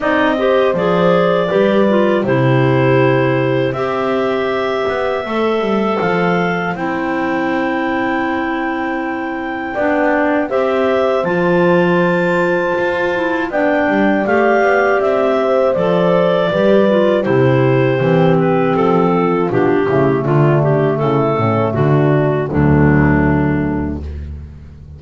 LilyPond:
<<
  \new Staff \with { instrumentName = "clarinet" } { \time 4/4 \tempo 4 = 80 dis''4 d''2 c''4~ | c''4 e''2. | f''4 g''2.~ | g''2 e''4 a''4~ |
a''2 g''4 f''4 | e''4 d''2 c''4~ | c''8 b'8 a'4 g'4 f'8 g'8 | a'4 fis'4 d'2 | }
  \new Staff \with { instrumentName = "horn" } { \time 4/4 d''8 c''4. b'4 g'4~ | g'4 c''2.~ | c''1~ | c''4 d''4 c''2~ |
c''2 d''2~ | d''8 c''4. b'4 g'4~ | g'4. f'4 e'8 d'4 | e'8 cis'8 d'4 a2 | }
  \new Staff \with { instrumentName = "clarinet" } { \time 4/4 dis'8 g'8 gis'4 g'8 f'8 e'4~ | e'4 g'2 a'4~ | a'4 e'2.~ | e'4 d'4 g'4 f'4~ |
f'4. e'8 d'4 g'4~ | g'4 a'4 g'8 f'8 e'4 | c'2 d'8 a4.~ | a2 fis2 | }
  \new Staff \with { instrumentName = "double bass" } { \time 4/4 c'4 f4 g4 c4~ | c4 c'4. b8 a8 g8 | f4 c'2.~ | c'4 b4 c'4 f4~ |
f4 f'4 b8 g8 a8 b8 | c'4 f4 g4 c4 | e4 f4 b,8 cis8 d4 | cis8 a,8 d4 d,2 | }
>>